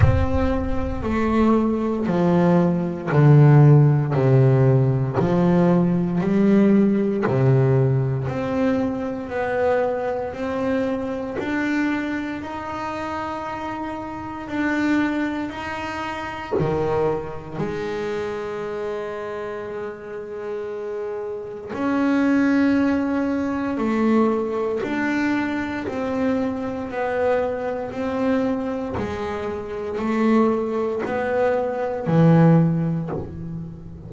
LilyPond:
\new Staff \with { instrumentName = "double bass" } { \time 4/4 \tempo 4 = 58 c'4 a4 f4 d4 | c4 f4 g4 c4 | c'4 b4 c'4 d'4 | dis'2 d'4 dis'4 |
dis4 gis2.~ | gis4 cis'2 a4 | d'4 c'4 b4 c'4 | gis4 a4 b4 e4 | }